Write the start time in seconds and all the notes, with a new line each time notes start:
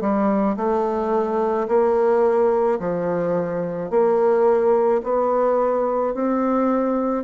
0.00 G3
0.56 A3
1.68 A#3
2.79 F3
3.90 A#3
5.03 B3
6.14 C4